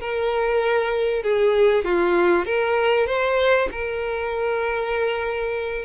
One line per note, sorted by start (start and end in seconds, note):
0.00 1.23 A#4
1.23 1.84 G#4
1.84 2.45 F4
2.45 3.07 A#4
3.07 3.69 C5
3.71 5.85 A#4